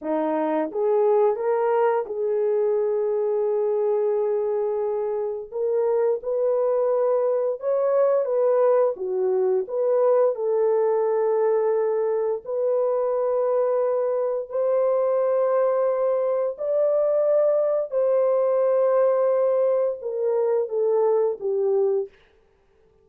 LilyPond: \new Staff \with { instrumentName = "horn" } { \time 4/4 \tempo 4 = 87 dis'4 gis'4 ais'4 gis'4~ | gis'1 | ais'4 b'2 cis''4 | b'4 fis'4 b'4 a'4~ |
a'2 b'2~ | b'4 c''2. | d''2 c''2~ | c''4 ais'4 a'4 g'4 | }